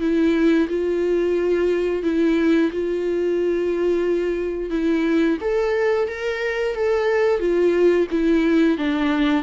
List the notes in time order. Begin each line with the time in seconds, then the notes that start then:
0.00 E4
0.68 F4
2.03 E4
2.72 F4
4.70 E4
5.41 A4
6.08 A#4
6.74 A4
7.39 F4
8.11 E4
8.78 D4